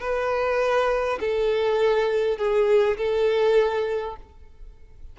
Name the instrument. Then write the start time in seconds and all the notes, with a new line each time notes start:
violin
0.00 B4
1.20 A4
2.38 G#4
2.98 A4